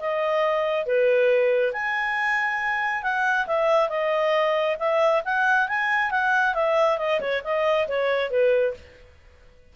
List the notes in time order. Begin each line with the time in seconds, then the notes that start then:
0.00 D#5
0.86 B4
1.73 G#5
3.03 F#5
3.47 E5
3.89 D#5
4.79 E5
5.25 F#5
5.69 G#5
6.11 F#5
6.55 E5
6.98 D#5
7.20 C#5
7.44 D#5
7.88 C#5
8.31 B4